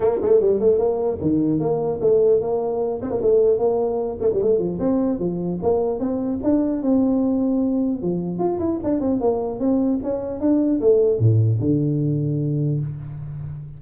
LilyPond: \new Staff \with { instrumentName = "tuba" } { \time 4/4 \tempo 4 = 150 ais8 a8 g8 a8 ais4 dis4 | ais4 a4 ais4. c'16 ais16 | a4 ais4. a16 g16 a8 f8 | c'4 f4 ais4 c'4 |
d'4 c'2. | f4 f'8 e'8 d'8 c'8 ais4 | c'4 cis'4 d'4 a4 | a,4 d2. | }